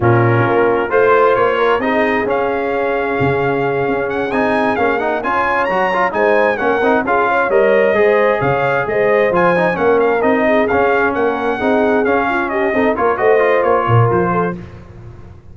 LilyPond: <<
  \new Staff \with { instrumentName = "trumpet" } { \time 4/4 \tempo 4 = 132 ais'2 c''4 cis''4 | dis''4 f''2.~ | f''4 fis''8 gis''4 f''8 fis''8 gis''8~ | gis''8 ais''4 gis''4 fis''4 f''8~ |
f''8 dis''2 f''4 dis''8~ | dis''8 gis''4 fis''8 f''8 dis''4 f''8~ | f''8 fis''2 f''4 dis''8~ | dis''8 cis''8 dis''4 cis''4 c''4 | }
  \new Staff \with { instrumentName = "horn" } { \time 4/4 f'2 c''4. ais'8 | gis'1~ | gis'2.~ gis'8 cis''8~ | cis''4. c''4 ais'4 gis'8 |
cis''4. c''4 cis''4 c''8~ | c''4. ais'4. gis'4~ | gis'8 ais'4 gis'4. f'8 g'8 | a'8 ais'8 c''4. ais'4 a'8 | }
  \new Staff \with { instrumentName = "trombone" } { \time 4/4 cis'2 f'2 | dis'4 cis'2.~ | cis'4. dis'4 cis'8 dis'8 f'8~ | f'8 fis'8 f'8 dis'4 cis'8 dis'8 f'8~ |
f'8 ais'4 gis'2~ gis'8~ | gis'8 f'8 dis'8 cis'4 dis'4 cis'8~ | cis'4. dis'4 cis'4. | dis'8 f'8 fis'8 f'2~ f'8 | }
  \new Staff \with { instrumentName = "tuba" } { \time 4/4 ais,4 ais4 a4 ais4 | c'4 cis'2 cis4~ | cis8 cis'4 c'4 ais4 cis'8~ | cis'8 fis4 gis4 ais8 c'8 cis'8~ |
cis'8 g4 gis4 cis4 gis8~ | gis8 f4 ais4 c'4 cis'8~ | cis'8 ais4 c'4 cis'4. | c'8 ais8 a4 ais8 ais,8 f4 | }
>>